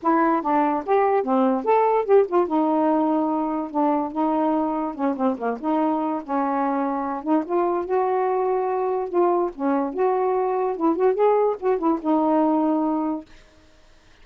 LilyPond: \new Staff \with { instrumentName = "saxophone" } { \time 4/4 \tempo 4 = 145 e'4 d'4 g'4 c'4 | a'4 g'8 f'8 dis'2~ | dis'4 d'4 dis'2 | cis'8 c'8 ais8 dis'4. cis'4~ |
cis'4. dis'8 f'4 fis'4~ | fis'2 f'4 cis'4 | fis'2 e'8 fis'8 gis'4 | fis'8 e'8 dis'2. | }